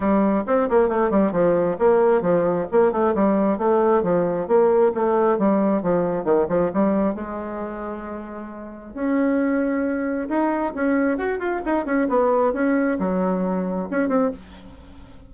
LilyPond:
\new Staff \with { instrumentName = "bassoon" } { \time 4/4 \tempo 4 = 134 g4 c'8 ais8 a8 g8 f4 | ais4 f4 ais8 a8 g4 | a4 f4 ais4 a4 | g4 f4 dis8 f8 g4 |
gis1 | cis'2. dis'4 | cis'4 fis'8 f'8 dis'8 cis'8 b4 | cis'4 fis2 cis'8 c'8 | }